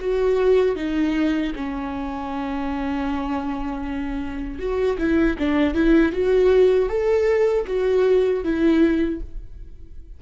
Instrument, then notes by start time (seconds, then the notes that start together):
viola
0.00 F#4
0.76 D#4
1.56 C#4
4.59 F#4
4.98 E4
5.38 D4
5.74 E4
6.12 F#4
6.89 A4
7.67 F#4
8.44 E4